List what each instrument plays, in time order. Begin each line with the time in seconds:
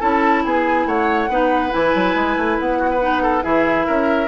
0.00 bassoon C#4, clarinet E4, oboe A4, flute A5
0.45 bassoon B3, oboe G#4, flute G#5
0.86 bassoon A3, oboe C#5, flute F#5
1.29 bassoon B3, clarinet D#4, oboe B4
1.71 bassoon E3, clarinet E4, flute G#5
1.95 bassoon F#3
2.15 bassoon G#3
2.37 bassoon A3
2.59 bassoon B3, flute F#5
2.79 oboe F#4
2.91 oboe B4
3.01 clarinet D#4
3.23 oboe A4
3.42 bassoon E3, clarinet E4, oboe G#4, flute E5
3.87 bassoon C#4, oboe A#4